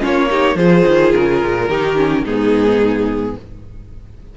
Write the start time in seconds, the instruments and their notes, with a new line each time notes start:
0.00 cello A#3, viola C#4, violin F4 C#5
0.29 viola D#4, violin G4
0.55 cello F3, viola F4, violin G#4 C5
0.86 cello D#3
1.14 cello C#3, violin A#4
1.42 cello A#2
1.68 cello D#3, viola D#4, violin G4
1.96 viola C#4
2.24 cello G#2, viola B3, violin D#4 G#4